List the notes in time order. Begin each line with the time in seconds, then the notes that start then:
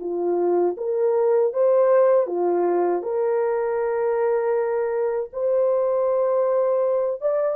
0.00 F4
0.77 A#4
1.53 C5
2.27 F4
3.02 A#4
5.33 C5
7.22 D5